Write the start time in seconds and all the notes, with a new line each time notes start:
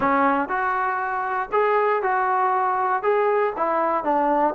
0.00 C#4
0.49 F#4
1.51 G#4
2.02 F#4
3.03 G#4
3.57 E4
4.03 D4